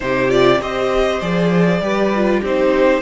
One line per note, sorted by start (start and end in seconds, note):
0.00 0.60 C3
0.00 0.29 D#4
0.00 0.60 G4
0.00 0.30 C5
0.29 0.59 F4
0.29 0.60 D5
0.60 1.20 C4
0.60 1.21 G4
0.60 1.81 C5
0.60 1.20 D#5
1.20 1.81 F3
1.20 1.81 G#4
1.20 2.41 D5
1.81 2.41 G3
1.81 2.11 G4
1.81 2.41 B4
2.15 2.44 F4
2.41 3.01 C4
2.41 3.01 D#4
2.41 3.01 G4
2.41 3.01 C5